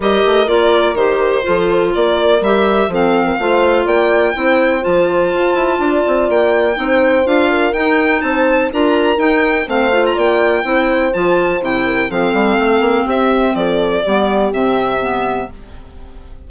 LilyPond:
<<
  \new Staff \with { instrumentName = "violin" } { \time 4/4 \tempo 4 = 124 dis''4 d''4 c''2 | d''4 e''4 f''2 | g''2 a''2~ | a''4 g''2 f''4 |
g''4 a''4 ais''4 g''4 | f''8. ais''16 g''2 a''4 | g''4 f''2 e''4 | d''2 e''2 | }
  \new Staff \with { instrumentName = "horn" } { \time 4/4 ais'2. a'4 | ais'2 a'8. ais'16 c''4 | d''4 c''2. | d''2 c''4. ais'8~ |
ais'4 c''4 ais'2 | c''4 d''4 c''2~ | c''8 ais'8 a'2 g'4 | a'4 g'2. | }
  \new Staff \with { instrumentName = "clarinet" } { \time 4/4 g'4 f'4 g'4 f'4~ | f'4 g'4 c'4 f'4~ | f'4 e'4 f'2~ | f'2 dis'4 f'4 |
dis'2 f'4 dis'4 | c'8 f'4. e'4 f'4 | e'4 c'2.~ | c'4 b4 c'4 b4 | }
  \new Staff \with { instrumentName = "bassoon" } { \time 4/4 g8 a8 ais4 dis4 f4 | ais4 g4 f4 a4 | ais4 c'4 f4 f'8 e'8 | d'8 c'8 ais4 c'4 d'4 |
dis'4 c'4 d'4 dis'4 | a4 ais4 c'4 f4 | c4 f8 g8 a8 ais8 c'4 | f4 g4 c2 | }
>>